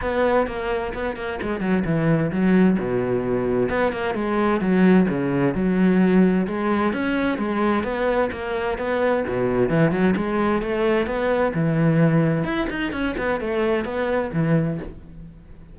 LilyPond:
\new Staff \with { instrumentName = "cello" } { \time 4/4 \tempo 4 = 130 b4 ais4 b8 ais8 gis8 fis8 | e4 fis4 b,2 | b8 ais8 gis4 fis4 cis4 | fis2 gis4 cis'4 |
gis4 b4 ais4 b4 | b,4 e8 fis8 gis4 a4 | b4 e2 e'8 dis'8 | cis'8 b8 a4 b4 e4 | }